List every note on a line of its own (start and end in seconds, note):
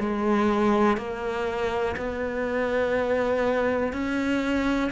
0.00 0.97 G#3
0.97 1.96 A#3
1.97 3.93 B3
3.93 4.91 C#4